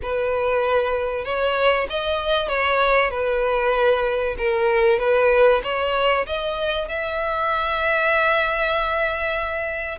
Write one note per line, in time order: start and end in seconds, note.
0.02 1.24 B4
1.24 1.87 C#5
1.89 2.48 D#5
2.48 3.10 C#5
3.10 4.35 B4
4.38 4.99 A#4
4.99 5.61 B4
5.63 6.26 C#5
6.26 6.88 D#5
6.88 9.98 E5